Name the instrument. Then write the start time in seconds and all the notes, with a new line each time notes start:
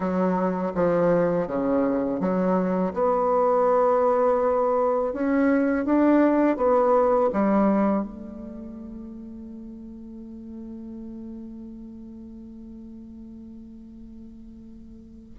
bassoon
0.00 F#3
0.74 F3
1.47 C#3
2.20 F#3
2.93 B3
5.13 C#4
5.85 D4
6.57 B3
7.32 G3
8.03 A3